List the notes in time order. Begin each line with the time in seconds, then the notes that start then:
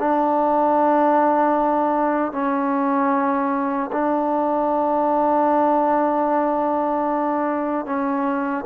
0.00 D4
2.33 C#4
3.93 D4
7.86 C#4